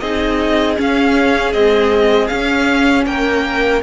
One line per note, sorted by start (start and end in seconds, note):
0.00 0.77 C4
0.00 0.76 D#4
0.00 3.05 G#4
0.00 0.76 D#5
0.76 1.52 C#4
0.76 1.53 C#4
0.76 1.53 F5
1.53 2.29 G#3
1.53 2.29 C4
1.53 2.28 D#5
2.28 3.82 C#4
2.28 3.06 C#4
2.28 3.03 F5
3.06 3.82 A#3
3.06 3.82 A#4
3.06 3.82 G5